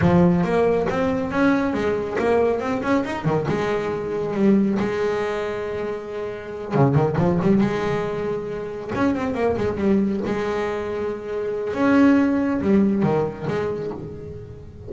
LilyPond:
\new Staff \with { instrumentName = "double bass" } { \time 4/4 \tempo 4 = 138 f4 ais4 c'4 cis'4 | gis4 ais4 c'8 cis'8 dis'8 dis8 | gis2 g4 gis4~ | gis2.~ gis8 cis8 |
dis8 f8 g8 gis2~ gis8~ | gis8 cis'8 c'8 ais8 gis8 g4 gis8~ | gis2. cis'4~ | cis'4 g4 dis4 gis4 | }